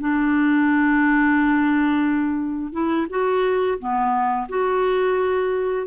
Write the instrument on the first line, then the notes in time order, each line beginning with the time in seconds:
clarinet
0.00 D4
2.72 E4
3.09 F#4
3.79 B3
4.49 F#4